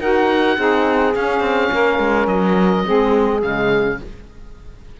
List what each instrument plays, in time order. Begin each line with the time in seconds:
0.00 cello D#4, saxophone F#4 A#4, oboe F#5
0.56 cello C4, saxophone D#4 G#4
1.14 saxophone C#4, cello C#4, oboe F5
1.40 cello C4
1.71 cello A#3, saxophone A#4
1.98 cello G#3
2.27 cello F#3, oboe D#5
2.85 cello G#3, saxophone C4 G#4
3.40 cello C#3, saxophone G#3, oboe F5